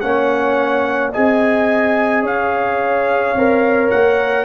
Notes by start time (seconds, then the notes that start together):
0.00 A#3 C#4 C#5 F#5
1.12 C4 G#4 D#5 G#5
2.23 C#4 C#5 F5
3.35 C4 A#4
3.90 A#3 F#5